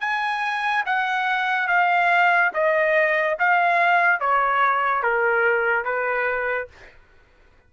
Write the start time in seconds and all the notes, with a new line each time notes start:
0.00 G#5
0.85 F#5
1.67 F5
2.53 D#5
3.39 F5
4.20 C#5
5.02 A#4
5.84 B4